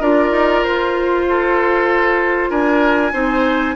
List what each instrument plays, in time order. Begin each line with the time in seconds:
0.00 bassoon D4, clarinet F4, oboe A#4, flute D5
0.31 bassoon D#4
0.61 bassoon F4, flute C5
1.29 oboe A4
2.50 bassoon D4, oboe A#4, flute G#5
3.13 bassoon C4, clarinet D#4, oboe C5